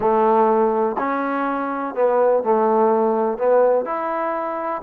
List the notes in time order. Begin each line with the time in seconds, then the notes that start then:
0.00 A3
0.98 C#4
1.94 B3
2.43 A3
3.38 B3
3.85 E4